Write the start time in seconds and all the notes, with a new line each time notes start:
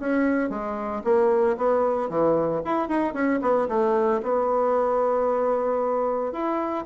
0.00 C#4
0.50 G#3
1.04 A#3
1.57 B3
2.10 E3
2.65 E4
2.89 D#4
3.14 C#4
3.42 B3
3.69 A3
4.23 B3
6.33 E4